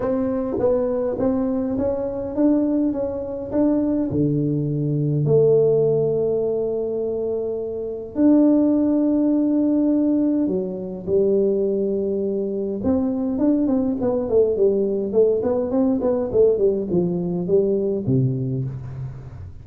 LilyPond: \new Staff \with { instrumentName = "tuba" } { \time 4/4 \tempo 4 = 103 c'4 b4 c'4 cis'4 | d'4 cis'4 d'4 d4~ | d4 a2.~ | a2 d'2~ |
d'2 fis4 g4~ | g2 c'4 d'8 c'8 | b8 a8 g4 a8 b8 c'8 b8 | a8 g8 f4 g4 c4 | }